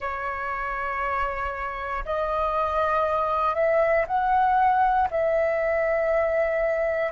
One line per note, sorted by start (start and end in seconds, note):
0.00 2.04 C#5
2.05 3.54 D#5
3.54 4.05 E5
4.07 5.08 F#5
5.10 7.12 E5